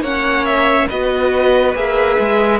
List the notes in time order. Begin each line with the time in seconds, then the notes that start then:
0.00 A#3 C#4 C#5 F#5
0.45 E5
0.89 B3 F#4 B4 D#5
1.74 A#3 G#4 E5
2.19 G#3